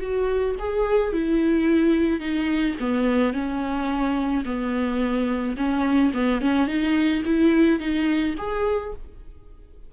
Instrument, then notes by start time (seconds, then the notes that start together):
viola
0.00 F#4
0.60 G#4
1.13 E4
2.20 D#4
2.80 B3
3.33 C#4
4.46 B3
5.57 C#4
6.14 B3
6.41 C#4
6.67 D#4
7.26 E4
7.80 D#4
8.38 G#4